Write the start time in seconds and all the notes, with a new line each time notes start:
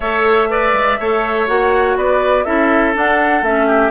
0.00 A3 A4 C#5 E5
0.49 B4 D5
0.73 G#3
0.99 A3 A4 C#5
1.47 A#3 F#4 F#5
1.96 B3 B4 D5
2.44 C#4 E4 A4 E5
2.94 D4 F#5
3.42 A3 C#4 E5
3.66 G4